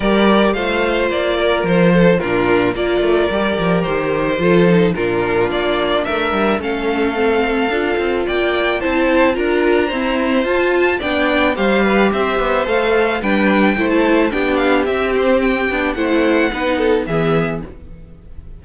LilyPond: <<
  \new Staff \with { instrumentName = "violin" } { \time 4/4 \tempo 4 = 109 d''4 f''4 d''4 c''4 | ais'4 d''2 c''4~ | c''4 ais'4 d''4 e''4 | f''2. g''4 |
a''4 ais''2 a''4 | g''4 f''4 e''4 f''4 | g''4~ g''16 a''8. g''8 f''8 e''8 c''8 | g''4 fis''2 e''4 | }
  \new Staff \with { instrumentName = "violin" } { \time 4/4 ais'4 c''4. ais'4 a'8 | f'4 ais'2. | a'4 f'2 ais'4 | a'2. d''4 |
c''4 ais'4 c''2 | d''4 c''8 b'8 c''2 | b'4 c''4 g'2~ | g'4 c''4 b'8 a'8 gis'4 | }
  \new Staff \with { instrumentName = "viola" } { \time 4/4 g'4 f'2. | d'4 f'4 g'2 | f'8 dis'8 d'2. | cis'4 c'4 f'2 |
e'4 f'4 c'4 f'4 | d'4 g'2 a'4 | d'4 e'4 d'4 c'4~ | c'8 d'8 e'4 dis'4 b4 | }
  \new Staff \with { instrumentName = "cello" } { \time 4/4 g4 a4 ais4 f4 | ais,4 ais8 a8 g8 f8 dis4 | f4 ais,4 ais4 a8 g8 | a2 d'8 c'8 ais4 |
c'4 d'4 e'4 f'4 | b4 g4 c'8 b8 a4 | g4 a4 b4 c'4~ | c'8 b8 a4 b4 e4 | }
>>